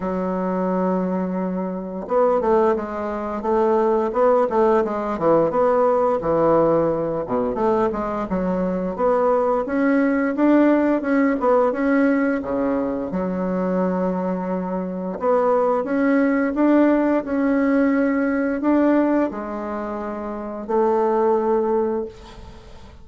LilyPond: \new Staff \with { instrumentName = "bassoon" } { \time 4/4 \tempo 4 = 87 fis2. b8 a8 | gis4 a4 b8 a8 gis8 e8 | b4 e4. b,8 a8 gis8 | fis4 b4 cis'4 d'4 |
cis'8 b8 cis'4 cis4 fis4~ | fis2 b4 cis'4 | d'4 cis'2 d'4 | gis2 a2 | }